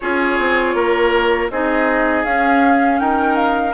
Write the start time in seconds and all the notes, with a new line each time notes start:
0.00 C#4 F4 G#4 C#5
0.38 C4
0.74 A#3 A#4
1.50 C4 D#4 G#4 D#5
2.24 C#4 F5
2.99 D#4 A#4 G5
3.36 F5